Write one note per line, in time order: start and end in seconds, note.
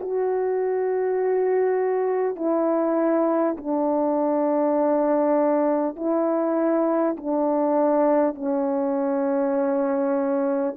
0.00 2.37 F#4
2.37 3.57 E4
3.58 5.96 D4
5.96 7.16 E4
7.17 8.35 D4
8.35 10.75 C#4